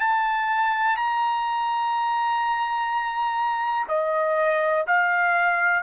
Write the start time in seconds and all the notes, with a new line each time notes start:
0.00 A5
0.97 A#5
3.88 D#5
4.87 F5